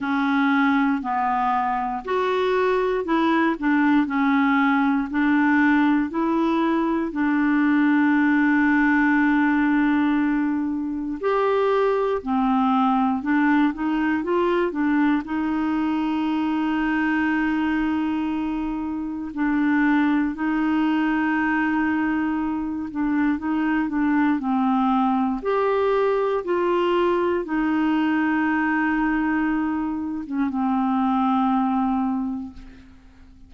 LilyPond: \new Staff \with { instrumentName = "clarinet" } { \time 4/4 \tempo 4 = 59 cis'4 b4 fis'4 e'8 d'8 | cis'4 d'4 e'4 d'4~ | d'2. g'4 | c'4 d'8 dis'8 f'8 d'8 dis'4~ |
dis'2. d'4 | dis'2~ dis'8 d'8 dis'8 d'8 | c'4 g'4 f'4 dis'4~ | dis'4.~ dis'16 cis'16 c'2 | }